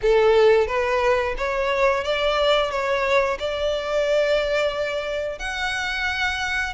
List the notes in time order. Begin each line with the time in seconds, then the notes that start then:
0.02 A4
0.67 B4
1.37 C#5
2.03 D5
2.70 C#5
3.39 D5
5.38 F#5